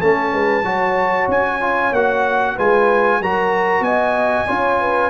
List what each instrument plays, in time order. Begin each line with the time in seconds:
0.00 tuba A3, trombone C#4, horn A4, trumpet A5
0.34 tuba G#3, horn B4
0.63 tuba F#3, trombone F#4, horn C#5
1.28 tuba C#4, trumpet G#5
1.61 trombone F4
1.92 tuba A#3, trombone F#4, trumpet F#5
2.56 tuba G#3, trombone F4, horn B4, trumpet G#5
3.21 tuba F#3, trombone F#4, horn A#4, trumpet A#5
3.81 tuba B3, horn D#5, trumpet G#5
4.48 tuba C#4, trombone F4, horn C#5
4.80 horn B4